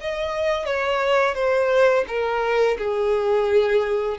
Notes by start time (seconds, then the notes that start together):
0.00 D#5
0.65 C#5
1.34 C5
2.07 A#4
2.78 G#4